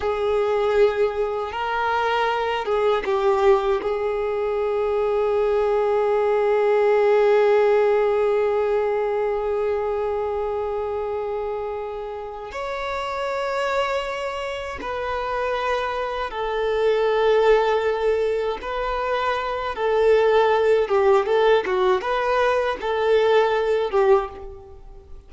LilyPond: \new Staff \with { instrumentName = "violin" } { \time 4/4 \tempo 4 = 79 gis'2 ais'4. gis'8 | g'4 gis'2.~ | gis'1~ | gis'1~ |
gis'8 cis''2. b'8~ | b'4. a'2~ a'8~ | a'8 b'4. a'4. g'8 | a'8 fis'8 b'4 a'4. g'8 | }